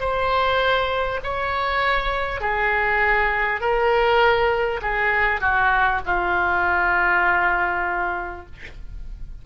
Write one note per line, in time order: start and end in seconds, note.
0.00 1.20 C5
1.24 2.41 C#5
2.41 3.61 G#4
3.61 4.81 A#4
4.82 5.41 G#4
5.41 6.01 F#4
6.06 8.46 F4